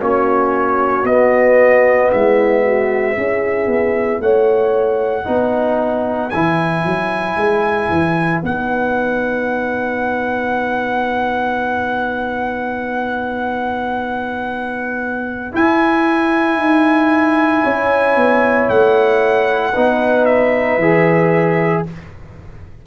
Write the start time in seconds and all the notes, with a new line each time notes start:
0.00 A#3 C#4 F#4 C#5
1.03 B3 D#5
2.11 G#3 E4 E5
2.63 F#4
3.14 C#4 E4 G#4
3.66 B3
4.20 A3 C#5 F#5
5.24 B3 D#4 B4
6.30 E3 E4 G#5
6.84 F#3
7.36 G#3
7.89 E3
8.43 B3 D#4 F#5
15.52 E4 G#5
16.57 D#4
17.63 C#4 C#5
18.16 B3
18.69 A3 F#5
19.71 B3 D#4 B4
20.25 E5
20.77 E3 G#4